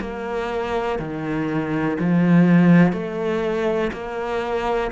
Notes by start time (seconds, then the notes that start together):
0.00 A#3
0.99 D#3
1.99 F3
2.92 A3
3.93 A#3